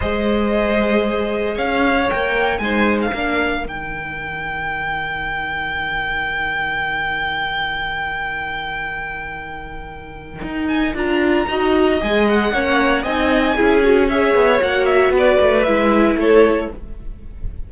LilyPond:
<<
  \new Staff \with { instrumentName = "violin" } { \time 4/4 \tempo 4 = 115 dis''2. f''4 | g''4 gis''8. f''4~ f''16 g''4~ | g''1~ | g''1~ |
g''1~ | g''8 gis''8 ais''2 gis''8 fis''8~ | fis''4 gis''2 e''4 | fis''8 e''8 d''4 e''4 cis''4 | }
  \new Staff \with { instrumentName = "violin" } { \time 4/4 c''2. cis''4~ | cis''4 c''4 ais'2~ | ais'1~ | ais'1~ |
ais'1~ | ais'2 dis''2 | cis''4 dis''4 gis'4 cis''4~ | cis''4 b'2 a'4 | }
  \new Staff \with { instrumentName = "viola" } { \time 4/4 gis'1 | ais'4 dis'4 d'4 dis'4~ | dis'1~ | dis'1~ |
dis'1~ | dis'4 f'4 fis'4 gis'4 | cis'4 dis'4 e'8 fis'8 gis'4 | fis'2 e'2 | }
  \new Staff \with { instrumentName = "cello" } { \time 4/4 gis2. cis'4 | ais4 gis4 ais4 dis4~ | dis1~ | dis1~ |
dis1 | dis'4 d'4 dis'4 gis4 | ais4 c'4 cis'4. b8 | ais4 b8 a8 gis4 a4 | }
>>